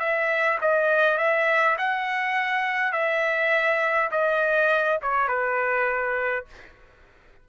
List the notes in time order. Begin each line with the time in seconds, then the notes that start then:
0.00 E5
0.62 D#5
1.18 E5
1.79 F#5
2.93 E5
4.12 D#5
5.03 C#5
5.28 B4